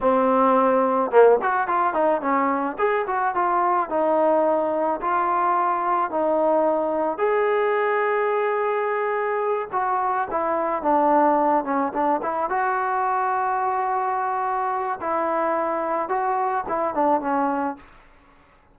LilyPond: \new Staff \with { instrumentName = "trombone" } { \time 4/4 \tempo 4 = 108 c'2 ais8 fis'8 f'8 dis'8 | cis'4 gis'8 fis'8 f'4 dis'4~ | dis'4 f'2 dis'4~ | dis'4 gis'2.~ |
gis'4. fis'4 e'4 d'8~ | d'4 cis'8 d'8 e'8 fis'4.~ | fis'2. e'4~ | e'4 fis'4 e'8 d'8 cis'4 | }